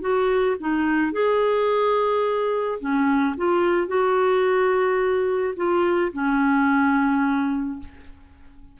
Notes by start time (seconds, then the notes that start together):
0.00 F#4
0.59 D#4
1.12 G#4
2.80 C#4
3.37 F4
3.87 F#4
5.56 F4
6.12 C#4